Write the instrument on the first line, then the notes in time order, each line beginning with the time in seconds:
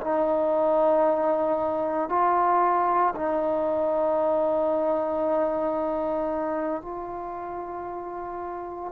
trombone
0.00 D#4
2.09 F4
3.15 D#4
6.81 F4